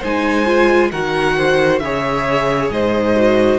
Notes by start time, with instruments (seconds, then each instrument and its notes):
0.00 cello G#3, viola D#4, violin C5 G#5
0.46 viola F4
0.91 cello D#3, viola F#4, violin A#4 F#5
1.37 violin C5
1.79 cello C#3, viola G#4, violin C#5 E5
2.71 cello G#2, violin C5 D#5
3.16 viola F#4